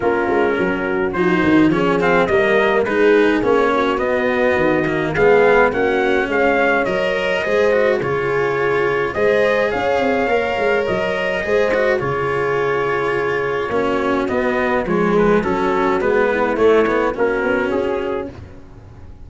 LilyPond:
<<
  \new Staff \with { instrumentName = "trumpet" } { \time 4/4 \tempo 4 = 105 ais'2 c''4 cis''8 f''8 | dis''4 b'4 cis''4 dis''4~ | dis''4 f''4 fis''4 f''4 | dis''2 cis''2 |
dis''4 f''2 dis''4~ | dis''4 cis''2.~ | cis''4 dis''4 cis''8 b'8 a'4 | b'4 cis''4 ais'4 gis'4 | }
  \new Staff \with { instrumentName = "horn" } { \time 4/4 f'4 fis'2 gis'4 | ais'4 gis'4. fis'4.~ | fis'4 gis'4 fis'4 cis''4~ | cis''4 c''4 gis'2 |
c''4 cis''2. | c''4 gis'2. | fis'2 gis'4 fis'4~ | fis'8 e'4. fis'2 | }
  \new Staff \with { instrumentName = "cello" } { \time 4/4 cis'2 dis'4 cis'8 c'8 | ais4 dis'4 cis'4 b4~ | b8 ais8 b4 cis'2 | ais'4 gis'8 fis'8 f'2 |
gis'2 ais'2 | gis'8 fis'8 f'2. | cis'4 b4 gis4 cis'4 | b4 a8 b8 cis'2 | }
  \new Staff \with { instrumentName = "tuba" } { \time 4/4 ais8 gis8 fis4 f8 dis8 f4 | g4 gis4 ais4 b4 | dis4 gis4 ais4 gis4 | fis4 gis4 cis2 |
gis4 cis'8 c'8 ais8 gis8 fis4 | gis4 cis2. | ais4 b4 f4 fis4 | gis4 a4 ais8 b8 cis'4 | }
>>